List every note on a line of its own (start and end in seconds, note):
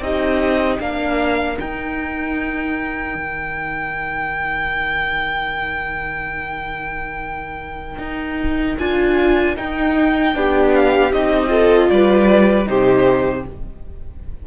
0.00 0.78 C4
0.00 0.79 D#4
0.00 0.80 G4
0.00 0.80 D#5
0.79 1.58 A#3
0.79 1.55 D4
0.79 10.34 A#4
0.79 1.58 F5
1.55 8.76 D#4
1.55 3.14 D#4
1.55 8.78 G5
3.14 7.98 D#3
7.98 8.76 D#4
8.78 9.57 D4
8.78 9.55 F4
8.78 9.56 G#5
9.55 10.33 D#4
9.55 10.35 D#4
9.55 10.74 G5
10.34 11.12 B3
10.34 11.12 D4
10.34 11.49 G4
10.74 11.12 F5
11.12 11.89 C4
11.12 11.48 D#4
11.12 11.89 D#5
11.48 12.65 F4
11.48 11.88 A4
11.89 12.68 G3
11.89 12.68 B4
11.89 12.67 D5
12.66 13.46 C3
12.66 13.44 D#4
12.66 13.46 G4
12.66 13.45 C5